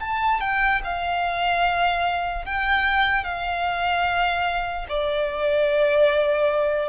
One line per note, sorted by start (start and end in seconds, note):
0.00 0.41 A5
0.41 0.81 G5
0.84 2.45 F5
2.45 3.24 G5
3.24 4.86 F5
4.89 6.89 D5